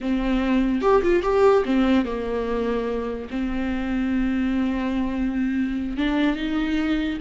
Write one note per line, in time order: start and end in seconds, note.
0.01 0.81 C4
0.81 1.02 G4
1.02 1.22 F4
1.22 1.63 G4
1.65 2.05 C4
2.05 3.28 A#3
3.30 5.97 C4
5.97 6.36 D4
6.36 7.18 D#4